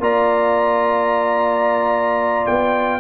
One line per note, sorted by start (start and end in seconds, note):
0.00 2.45 A#3
0.00 3.01 F4
0.00 3.01 D5
0.00 2.47 A#5
2.47 3.01 B3
2.47 3.01 G5